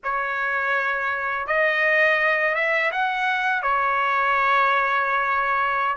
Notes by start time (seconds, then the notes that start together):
0.03 C#5
1.46 D#5
2.55 E5
2.91 F#5
3.62 C#5